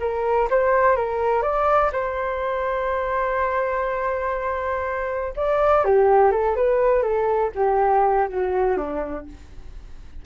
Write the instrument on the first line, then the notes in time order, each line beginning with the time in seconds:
flute
0.00 A#4
0.50 C5
0.96 A#4
1.42 D5
1.92 C5
5.36 D5
5.84 G4
6.31 A4
6.56 B4
7.02 A4
7.55 G4
8.29 F#4
8.77 D4